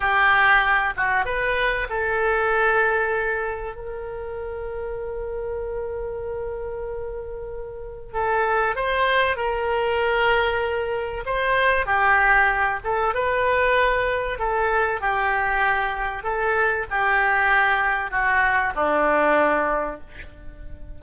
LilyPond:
\new Staff \with { instrumentName = "oboe" } { \time 4/4 \tempo 4 = 96 g'4. fis'8 b'4 a'4~ | a'2 ais'2~ | ais'1~ | ais'4 a'4 c''4 ais'4~ |
ais'2 c''4 g'4~ | g'8 a'8 b'2 a'4 | g'2 a'4 g'4~ | g'4 fis'4 d'2 | }